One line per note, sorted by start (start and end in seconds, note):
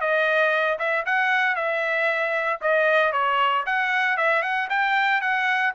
0.00 0.78 D#5
0.79 1.05 E5
1.05 1.56 F#5
1.56 2.60 E5
2.61 3.12 D#5
3.12 3.65 C#5
3.66 4.17 F#5
4.17 4.42 E5
4.42 4.68 F#5
4.69 5.21 G5
5.21 5.73 F#5